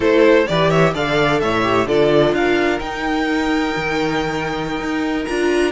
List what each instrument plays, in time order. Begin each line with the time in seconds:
0.00 cello A3, viola E4, violin A4 C5
0.47 cello E3, viola G4, violin B4 D5
0.69 violin C#5 E5
0.94 cello D3, viola A4, violin D5 F5
1.39 cello A2, violin C#5 E5
1.62 viola G4
1.86 cello D3, viola F4, violin A4 D5
2.32 cello D4, violin A#4 F5
2.79 viola D#4, cello D#4, violin G5
3.76 cello D#3
4.79 cello D#4
5.24 cello D4, viola F4, violin A#5